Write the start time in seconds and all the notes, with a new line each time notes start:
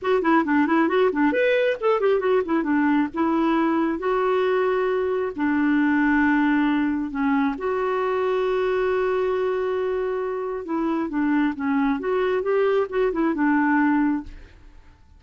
0.02 F#4
0.22 E4
0.44 D4
0.67 E4
0.88 F#4
1.12 D4
1.32 B4
1.80 A4
2.00 G4
2.19 F#4
2.45 E4
2.63 D4
3.14 E4
3.98 F#4
5.36 D4
7.11 C#4
7.57 F#4
10.65 E4
11.09 D4
11.55 C#4
11.99 F#4
12.42 G4
12.89 F#4
13.12 E4
13.34 D4